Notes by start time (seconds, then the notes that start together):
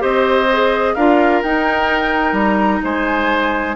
0.00 C4 G4 C5 D#5
0.53 G#4
0.95 D4 F4 A#4 F5
1.43 D#4 G5
2.33 G3 A#5
2.84 G#3 C5 G#5